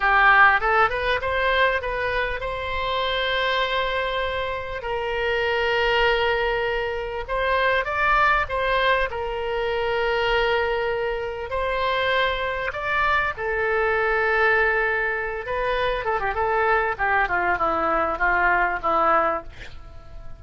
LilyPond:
\new Staff \with { instrumentName = "oboe" } { \time 4/4 \tempo 4 = 99 g'4 a'8 b'8 c''4 b'4 | c''1 | ais'1 | c''4 d''4 c''4 ais'4~ |
ais'2. c''4~ | c''4 d''4 a'2~ | a'4. b'4 a'16 g'16 a'4 | g'8 f'8 e'4 f'4 e'4 | }